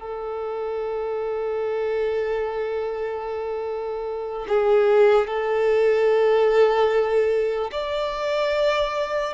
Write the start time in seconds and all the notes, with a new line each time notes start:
0.00 A4
4.49 G#4
5.27 A4
7.72 D5